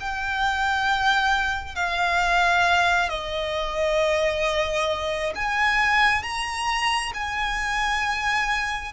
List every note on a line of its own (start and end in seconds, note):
0.00 1.75 G5
1.75 3.10 F5
3.10 5.34 D#5
5.35 6.23 G#5
6.23 7.13 A#5
7.14 8.93 G#5